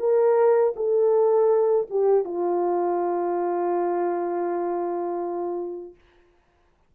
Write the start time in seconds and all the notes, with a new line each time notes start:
0.00 A#4
0.77 A4
1.91 G4
2.25 F4